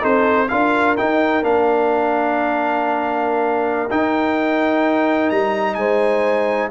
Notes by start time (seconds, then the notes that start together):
0.00 C4 D#4 A4 C5
0.49 D4 F4 A#4 F5
0.97 D#4 G5
1.42 A#3 D4 F5
3.90 D#4 G5
5.30 G3 A#5
5.74 G#3 C5 G#5